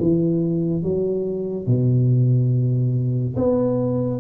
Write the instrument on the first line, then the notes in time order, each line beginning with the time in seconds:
tuba
0.00 E3
0.83 F#3
1.67 B2
3.36 B3